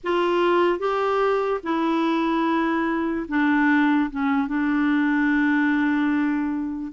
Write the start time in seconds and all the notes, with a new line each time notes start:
0.03 F4
0.79 G4
1.63 E4
3.28 D4
4.10 C#4
4.47 D4